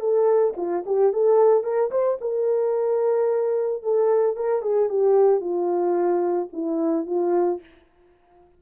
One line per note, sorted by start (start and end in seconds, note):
0.00 0.54 A4
0.57 0.84 F4
0.86 1.13 G4
1.13 1.64 A4
1.64 1.91 A#4
1.91 2.18 C5
2.21 3.83 A#4
3.83 4.36 A4
4.36 4.62 A#4
4.62 4.89 G#4
4.89 5.40 G4
5.40 6.48 F4
6.53 7.07 E4
7.07 7.61 F4